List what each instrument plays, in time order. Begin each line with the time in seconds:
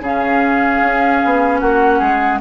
0.00 bassoon C#3, clarinet C#4, oboe G#4, flute F5
0.82 bassoon C#4
1.25 bassoon B3
1.60 bassoon A#3, oboe F#4, flute F#5
1.99 bassoon G#3, oboe G#4